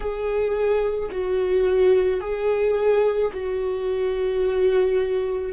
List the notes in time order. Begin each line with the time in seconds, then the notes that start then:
0.00 G#4
1.11 F#4
2.20 G#4
3.33 F#4